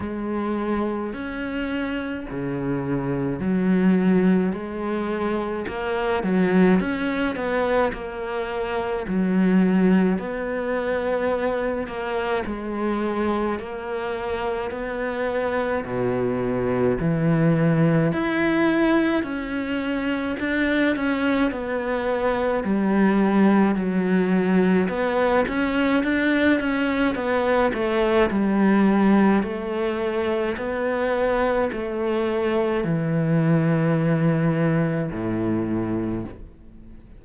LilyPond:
\new Staff \with { instrumentName = "cello" } { \time 4/4 \tempo 4 = 53 gis4 cis'4 cis4 fis4 | gis4 ais8 fis8 cis'8 b8 ais4 | fis4 b4. ais8 gis4 | ais4 b4 b,4 e4 |
e'4 cis'4 d'8 cis'8 b4 | g4 fis4 b8 cis'8 d'8 cis'8 | b8 a8 g4 a4 b4 | a4 e2 a,4 | }